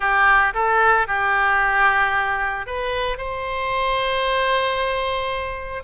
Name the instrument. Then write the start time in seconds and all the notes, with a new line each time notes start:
oboe
0.00 G4
0.54 A4
1.07 G4
2.66 B4
3.17 C5